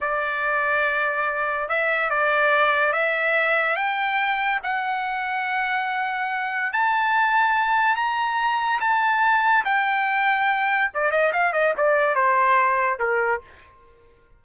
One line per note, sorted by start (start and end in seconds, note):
0.00 1.68 D5
1.68 2.10 E5
2.10 2.92 D5
2.92 3.76 E5
3.76 4.59 G5
4.63 6.72 F#5
6.72 7.96 A5
7.96 8.80 A#5
8.80 9.64 A5
9.64 10.90 G5
10.93 11.11 D5
11.11 11.32 D#5
11.32 11.53 F5
11.53 11.73 D#5
11.77 12.15 D5
12.15 12.99 C5
12.99 13.41 A#4